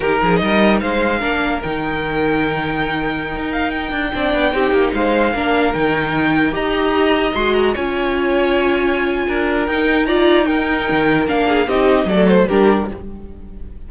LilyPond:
<<
  \new Staff \with { instrumentName = "violin" } { \time 4/4 \tempo 4 = 149 ais'4 dis''4 f''2 | g''1~ | g''8. f''8 g''2~ g''8.~ | g''16 f''2 g''4.~ g''16~ |
g''16 ais''2 c'''8 ais''8 gis''8.~ | gis''1 | g''4 ais''4 g''2 | f''4 dis''4 d''8 c''8 ais'4 | }
  \new Staff \with { instrumentName = "violin" } { \time 4/4 g'8 gis'8 ais'4 c''4 ais'4~ | ais'1~ | ais'2~ ais'16 d''4 g'8.~ | g'16 c''4 ais'2~ ais'8.~ |
ais'16 dis''2. cis''8.~ | cis''2. ais'4~ | ais'4 d''4 ais'2~ | ais'8 gis'8 g'4 a'4 g'4 | }
  \new Staff \with { instrumentName = "viola" } { \time 4/4 dis'2. d'4 | dis'1~ | dis'2~ dis'16 d'4 dis'8.~ | dis'4~ dis'16 d'4 dis'4.~ dis'16~ |
dis'16 g'2 fis'4 f'8.~ | f'1 | dis'4 f'4 dis'2 | d'4 dis'4 a4 d'4 | }
  \new Staff \with { instrumentName = "cello" } { \time 4/4 dis8 f8 g4 gis4 ais4 | dis1~ | dis16 dis'4. d'8 c'8 b8 c'8 ais16~ | ais16 gis4 ais4 dis4.~ dis16~ |
dis16 dis'2 gis4 cis'8.~ | cis'2. d'4 | dis'2. dis4 | ais4 c'4 fis4 g4 | }
>>